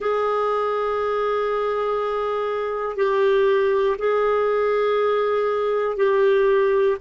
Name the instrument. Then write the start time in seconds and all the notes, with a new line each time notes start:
clarinet
0.00 G#4
2.96 G4
3.98 G#4
5.96 G4